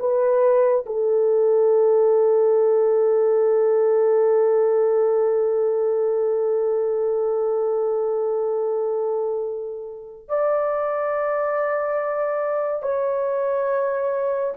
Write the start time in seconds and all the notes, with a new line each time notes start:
0.00 B4
0.86 A4
10.29 D5
12.83 C#5